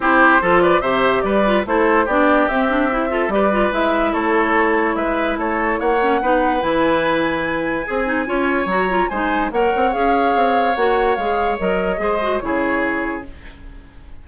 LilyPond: <<
  \new Staff \with { instrumentName = "flute" } { \time 4/4 \tempo 4 = 145 c''4. d''8 e''4 d''4 | c''4 d''4 e''2 | d''4 e''4 cis''2 | e''4 cis''4 fis''2 |
gis''1~ | gis''4 ais''4 gis''4 fis''4 | f''2 fis''4 f''4 | dis''2 cis''2 | }
  \new Staff \with { instrumentName = "oboe" } { \time 4/4 g'4 a'8 b'8 c''4 b'4 | a'4 g'2~ g'8 a'8 | b'2 a'2 | b'4 a'4 cis''4 b'4~ |
b'2. gis'4 | cis''2 c''4 cis''4~ | cis''1~ | cis''4 c''4 gis'2 | }
  \new Staff \with { instrumentName = "clarinet" } { \time 4/4 e'4 f'4 g'4. f'8 | e'4 d'4 c'8 d'8 e'8 f'8 | g'8 f'8 e'2.~ | e'2~ e'8 cis'8 dis'4 |
e'2. gis'8 dis'8 | f'4 fis'8 f'8 dis'4 ais'4 | gis'2 fis'4 gis'4 | ais'4 gis'8 fis'8 e'2 | }
  \new Staff \with { instrumentName = "bassoon" } { \time 4/4 c'4 f4 c4 g4 | a4 b4 c'2 | g4 gis4 a2 | gis4 a4 ais4 b4 |
e2. c'4 | cis'4 fis4 gis4 ais8 c'8 | cis'4 c'4 ais4 gis4 | fis4 gis4 cis2 | }
>>